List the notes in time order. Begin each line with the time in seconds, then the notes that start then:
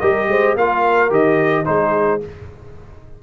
0.00 G3 G4 A#4 D#5
0.27 G#3 C5
0.55 A#3 F4 A#4 F5
1.10 D#3 G4 D#5
1.65 G#3 D#4 G#4 C5